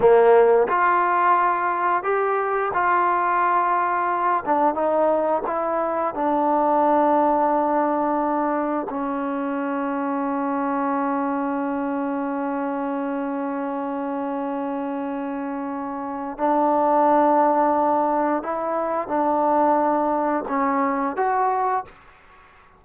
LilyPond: \new Staff \with { instrumentName = "trombone" } { \time 4/4 \tempo 4 = 88 ais4 f'2 g'4 | f'2~ f'8 d'8 dis'4 | e'4 d'2.~ | d'4 cis'2.~ |
cis'1~ | cis'1 | d'2. e'4 | d'2 cis'4 fis'4 | }